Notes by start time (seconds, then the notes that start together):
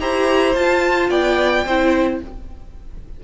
0.00 E4 G4 C5 A#5
0.55 F4 A5
1.10 B3 D5 G5
1.65 C4 E4 C5